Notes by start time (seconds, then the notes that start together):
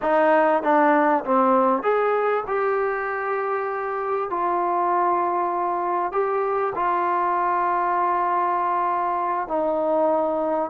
0.01 D#4
0.62 D4
1.24 C4
1.82 G#4
2.47 G4
4.30 F4
6.12 G4
6.75 F4
9.48 D#4